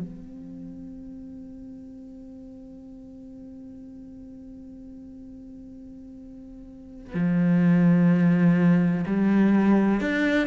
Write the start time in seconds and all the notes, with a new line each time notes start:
0.00 C4
7.14 F3
9.06 G3
10.00 D4